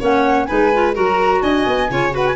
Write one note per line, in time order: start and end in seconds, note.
0.00 0.49 A#3
0.00 0.48 C#4
0.00 0.47 C#5
0.00 0.45 F#5
0.45 0.71 D#4
0.45 0.95 B4
0.45 0.93 G#5
0.51 0.97 G#3
0.74 0.94 F4
0.94 1.43 F#3
0.94 1.89 F#4
0.94 1.42 A#4
0.94 1.43 A#5
1.43 1.66 D4
1.43 1.91 D#5
1.43 2.14 G#5
1.67 1.90 B3
1.90 2.36 C#3
1.90 2.11 F4
1.90 2.15 C#5
2.11 2.35 F#4
2.11 2.36 B4
2.11 2.28 F#5
2.28 2.36 G#5